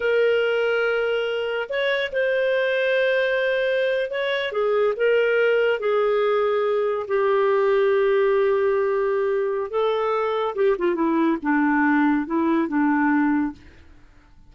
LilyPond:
\new Staff \with { instrumentName = "clarinet" } { \time 4/4 \tempo 4 = 142 ais'1 | cis''4 c''2.~ | c''4.~ c''16 cis''4 gis'4 ais'16~ | ais'4.~ ais'16 gis'2~ gis'16~ |
gis'8. g'2.~ g'16~ | g'2. a'4~ | a'4 g'8 f'8 e'4 d'4~ | d'4 e'4 d'2 | }